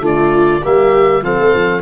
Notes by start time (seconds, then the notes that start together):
0.00 D3 A3 F4 D5
0.62 G3 A#3 G4 E5
1.22 F3 C4 A4 F5
1.39 A3
1.54 F3